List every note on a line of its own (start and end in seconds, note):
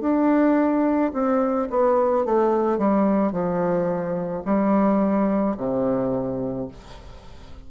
0.00 1.11 D4
1.13 1.68 C4
1.70 2.25 B3
2.25 2.78 A3
2.78 3.31 G3
3.31 4.42 F3
4.45 5.56 G3
5.57 6.68 C3